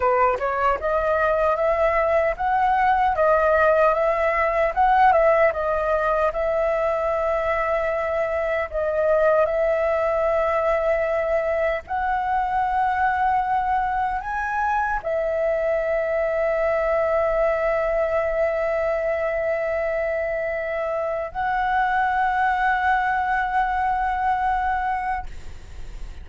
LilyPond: \new Staff \with { instrumentName = "flute" } { \time 4/4 \tempo 4 = 76 b'8 cis''8 dis''4 e''4 fis''4 | dis''4 e''4 fis''8 e''8 dis''4 | e''2. dis''4 | e''2. fis''4~ |
fis''2 gis''4 e''4~ | e''1~ | e''2. fis''4~ | fis''1 | }